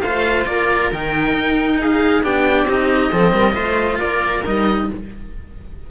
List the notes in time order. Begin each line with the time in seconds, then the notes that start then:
0.00 A3 F4 C5 F5
0.46 A#3 A#4 D5
0.92 D#3 D#4 G5
1.33 D#4
1.81 G#4 F5
2.22 B3 D4 G4 G5
2.65 C4 D#4 D#5
3.11 F3 C4 A4
3.32 G3 A#4
3.52 A3 F4 C5
3.99 A#3 A#4 D5
4.45 G3 D#4 D#5